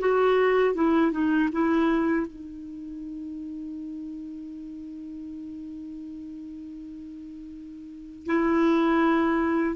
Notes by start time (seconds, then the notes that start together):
0.00 F#4
0.75 E4
1.12 D#4
1.52 E4
2.27 D#4
8.26 E4